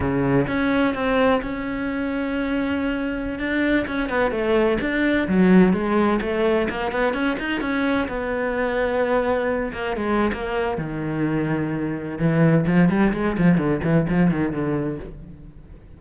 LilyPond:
\new Staff \with { instrumentName = "cello" } { \time 4/4 \tempo 4 = 128 cis4 cis'4 c'4 cis'4~ | cis'2.~ cis'16 d'8.~ | d'16 cis'8 b8 a4 d'4 fis8.~ | fis16 gis4 a4 ais8 b8 cis'8 dis'16~ |
dis'16 cis'4 b2~ b8.~ | b8. ais8 gis8. ais4 dis4~ | dis2 e4 f8 g8 | gis8 f8 d8 e8 f8 dis8 d4 | }